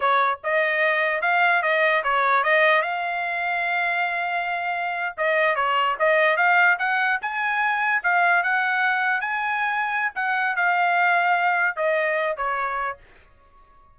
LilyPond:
\new Staff \with { instrumentName = "trumpet" } { \time 4/4 \tempo 4 = 148 cis''4 dis''2 f''4 | dis''4 cis''4 dis''4 f''4~ | f''1~ | f''8. dis''4 cis''4 dis''4 f''16~ |
f''8. fis''4 gis''2 f''16~ | f''8. fis''2 gis''4~ gis''16~ | gis''4 fis''4 f''2~ | f''4 dis''4. cis''4. | }